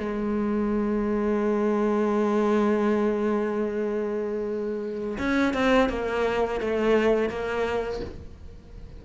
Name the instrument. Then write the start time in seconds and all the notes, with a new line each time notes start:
cello
0.00 G#3
5.19 C#4
5.54 C4
5.90 A#3
6.61 A3
7.30 A#3